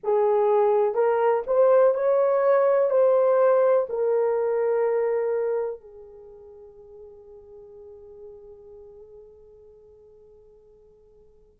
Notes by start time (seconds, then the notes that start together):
0.03 G#4
0.94 A#4
1.46 C5
1.94 C#5
2.90 C5
3.89 A#4
5.80 G#4